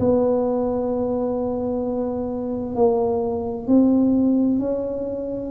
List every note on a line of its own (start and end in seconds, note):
0.00 2.76 B3
2.76 3.68 A#3
3.68 4.60 C4
4.60 5.51 C#4